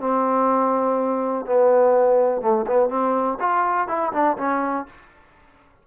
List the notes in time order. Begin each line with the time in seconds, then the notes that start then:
0.00 C4
1.46 B3
2.41 A3
2.67 B3
2.89 C4
3.40 F4
3.88 E4
4.13 D4
4.37 C#4